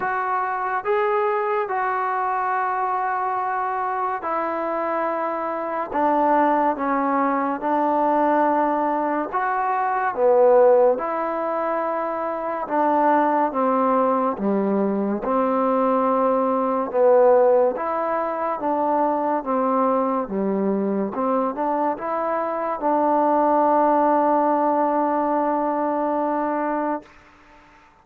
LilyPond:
\new Staff \with { instrumentName = "trombone" } { \time 4/4 \tempo 4 = 71 fis'4 gis'4 fis'2~ | fis'4 e'2 d'4 | cis'4 d'2 fis'4 | b4 e'2 d'4 |
c'4 g4 c'2 | b4 e'4 d'4 c'4 | g4 c'8 d'8 e'4 d'4~ | d'1 | }